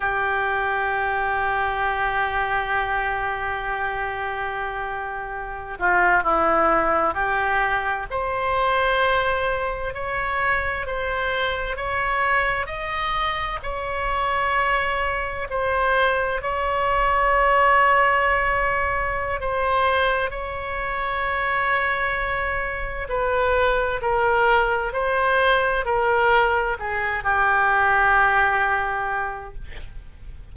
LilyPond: \new Staff \with { instrumentName = "oboe" } { \time 4/4 \tempo 4 = 65 g'1~ | g'2~ g'16 f'8 e'4 g'16~ | g'8. c''2 cis''4 c''16~ | c''8. cis''4 dis''4 cis''4~ cis''16~ |
cis''8. c''4 cis''2~ cis''16~ | cis''4 c''4 cis''2~ | cis''4 b'4 ais'4 c''4 | ais'4 gis'8 g'2~ g'8 | }